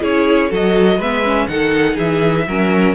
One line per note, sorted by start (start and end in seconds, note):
0.00 0.51 C#4
0.00 0.49 E4
0.00 0.49 G#4
0.00 0.52 C#5
0.49 0.98 F#3
0.49 0.98 F#4
0.49 0.98 A4
0.49 1.01 D#5
0.98 1.47 G#3
0.98 1.24 B3
0.98 1.47 B4
0.98 1.47 E5
1.24 1.48 C#4
1.47 1.97 D#3
1.47 2.47 D#4
1.47 1.95 A4
1.47 1.97 F#5
1.95 2.47 E3
1.95 2.44 G#4
1.95 2.94 E5
2.47 2.94 F#3
2.47 2.94 C#4
2.47 2.94 A#4